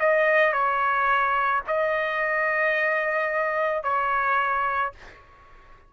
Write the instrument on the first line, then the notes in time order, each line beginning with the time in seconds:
trumpet
0.00 D#5
0.53 C#5
1.67 D#5
3.83 C#5